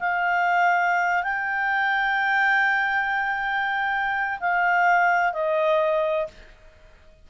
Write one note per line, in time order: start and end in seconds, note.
0.00 1.24 F5
1.24 4.40 G5
4.40 5.33 F5
5.33 6.28 D#5